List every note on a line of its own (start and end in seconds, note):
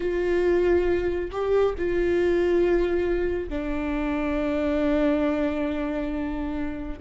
0.00 1.31 F4
1.31 1.75 G4
1.78 3.49 F4
3.49 6.99 D4